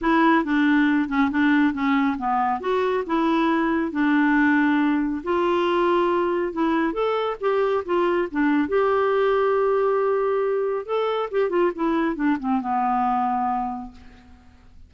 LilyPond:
\new Staff \with { instrumentName = "clarinet" } { \time 4/4 \tempo 4 = 138 e'4 d'4. cis'8 d'4 | cis'4 b4 fis'4 e'4~ | e'4 d'2. | f'2. e'4 |
a'4 g'4 f'4 d'4 | g'1~ | g'4 a'4 g'8 f'8 e'4 | d'8 c'8 b2. | }